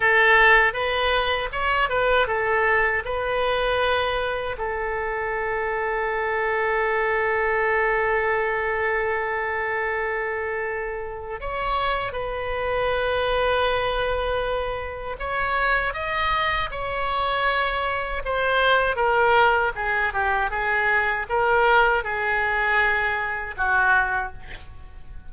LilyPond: \new Staff \with { instrumentName = "oboe" } { \time 4/4 \tempo 4 = 79 a'4 b'4 cis''8 b'8 a'4 | b'2 a'2~ | a'1~ | a'2. cis''4 |
b'1 | cis''4 dis''4 cis''2 | c''4 ais'4 gis'8 g'8 gis'4 | ais'4 gis'2 fis'4 | }